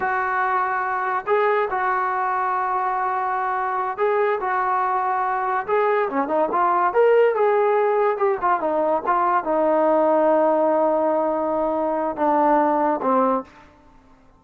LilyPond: \new Staff \with { instrumentName = "trombone" } { \time 4/4 \tempo 4 = 143 fis'2. gis'4 | fis'1~ | fis'4. gis'4 fis'4.~ | fis'4. gis'4 cis'8 dis'8 f'8~ |
f'8 ais'4 gis'2 g'8 | f'8 dis'4 f'4 dis'4.~ | dis'1~ | dis'4 d'2 c'4 | }